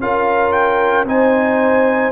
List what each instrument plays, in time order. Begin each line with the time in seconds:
0.00 tuba C#4, trombone F4, horn A#4, trumpet F5
0.52 trumpet G5
1.04 tuba C4, trombone D#4, horn C5, trumpet G#5